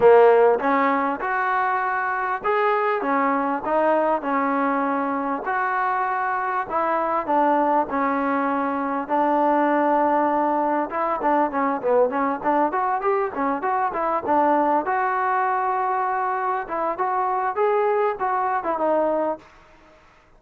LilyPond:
\new Staff \with { instrumentName = "trombone" } { \time 4/4 \tempo 4 = 99 ais4 cis'4 fis'2 | gis'4 cis'4 dis'4 cis'4~ | cis'4 fis'2 e'4 | d'4 cis'2 d'4~ |
d'2 e'8 d'8 cis'8 b8 | cis'8 d'8 fis'8 g'8 cis'8 fis'8 e'8 d'8~ | d'8 fis'2. e'8 | fis'4 gis'4 fis'8. e'16 dis'4 | }